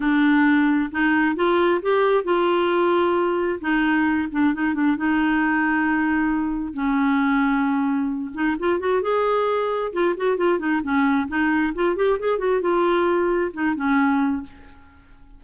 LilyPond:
\new Staff \with { instrumentName = "clarinet" } { \time 4/4 \tempo 4 = 133 d'2 dis'4 f'4 | g'4 f'2. | dis'4. d'8 dis'8 d'8 dis'4~ | dis'2. cis'4~ |
cis'2~ cis'8 dis'8 f'8 fis'8 | gis'2 f'8 fis'8 f'8 dis'8 | cis'4 dis'4 f'8 g'8 gis'8 fis'8 | f'2 dis'8 cis'4. | }